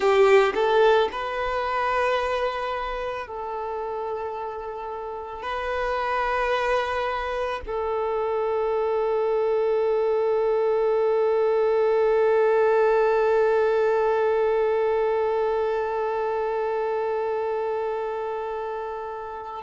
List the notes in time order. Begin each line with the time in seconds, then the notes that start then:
0.00 G4
0.54 A4
1.12 B4
3.27 A4
5.42 B4
7.66 A4